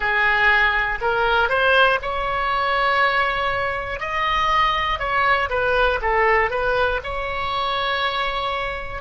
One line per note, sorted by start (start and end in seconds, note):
0.00 0.99 G#4
1.01 1.49 A#4
1.49 1.99 C5
2.01 4.00 C#5
4.00 4.99 D#5
4.99 5.49 C#5
5.50 6.00 B4
6.01 6.50 A4
6.50 7.00 B4
7.03 9.01 C#5